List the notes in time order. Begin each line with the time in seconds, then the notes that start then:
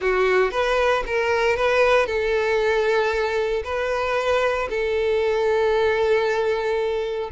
0.01 F#4
0.51 B4
1.06 A#4
1.56 B4
2.06 A4
3.64 B4
4.69 A4